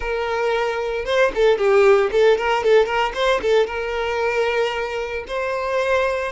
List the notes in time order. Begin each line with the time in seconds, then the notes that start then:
0.00 A#4
1.05 C5
1.34 A4
1.58 G4
2.11 A4
2.37 A#4
2.63 A4
2.85 A#4
3.14 C5
3.41 A4
3.66 A#4
5.27 C5